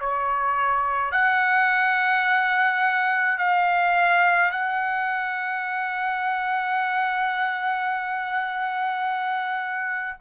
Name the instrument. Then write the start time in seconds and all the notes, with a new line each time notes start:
trumpet
0.00 C#5
1.11 F#5
3.38 F5
4.51 F#5